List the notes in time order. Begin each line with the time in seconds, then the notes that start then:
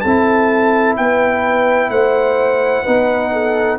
0.00 C4 A4 A5
0.06 E4
0.96 B3 B4 G5
1.89 A3 C5 F#5
2.83 B3 D#4 B4
3.32 A4